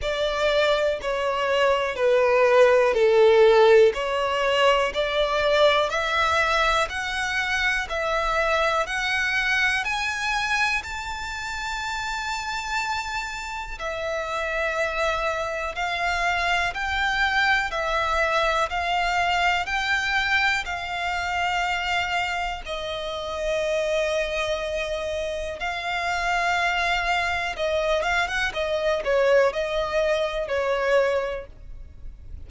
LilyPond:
\new Staff \with { instrumentName = "violin" } { \time 4/4 \tempo 4 = 61 d''4 cis''4 b'4 a'4 | cis''4 d''4 e''4 fis''4 | e''4 fis''4 gis''4 a''4~ | a''2 e''2 |
f''4 g''4 e''4 f''4 | g''4 f''2 dis''4~ | dis''2 f''2 | dis''8 f''16 fis''16 dis''8 cis''8 dis''4 cis''4 | }